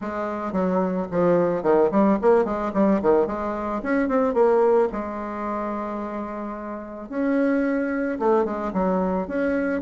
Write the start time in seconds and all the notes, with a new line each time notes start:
0.01 G#3
0.52 F#3
1.11 F3
1.62 D#3
1.91 G3
2.21 A#3
2.44 G#3
2.73 G3
3.01 D#3
3.27 G#3
3.82 C#4
4.08 C4
4.34 A#3
4.92 G#3
7.09 C#4
8.19 A3
8.44 G#3
8.73 F#3
9.27 C#4